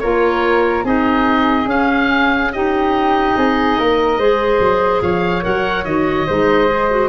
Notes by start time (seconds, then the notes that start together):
0.00 A#3 F4 A#4 C#5
0.84 C4 D#4 G#4 D#5
1.65 C#4 F5
2.53 D#4 G4 D#5
3.37 C4 G#4
3.78 A#3 A#4
4.18 G#3 G#4 C5
4.60 F#3
5.02 F3 C#5 F5
5.42 F#3 A#4 F#5
5.85 D#3 F#4 D#5
6.27 G#3 D#4 C5
6.68 G#4
6.90 F#4